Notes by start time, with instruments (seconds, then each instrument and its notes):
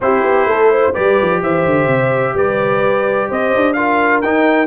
0.00 tuba C4, trombone E4, horn G4, trumpet C5
0.23 tuba B3
0.45 tuba A3, horn A4
0.71 horn C5
0.93 tuba G3, trombone G4, horn B4, trumpet D5
1.21 tuba F3
1.42 tuba E3, horn C5, trumpet E5
1.65 tuba D3
1.87 tuba C3
2.33 tuba G3, horn B4, trumpet D5
3.28 tuba C4, horn C5, trumpet D#5
3.55 tuba D4
3.73 trombone F4, horn A#4, trumpet F5
4.21 tuba D#4, trombone D#4, trumpet G5